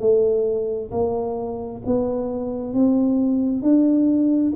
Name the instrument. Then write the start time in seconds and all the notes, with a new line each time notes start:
tuba
0.00 A3
0.91 A#3
1.86 B3
2.74 C4
3.62 D4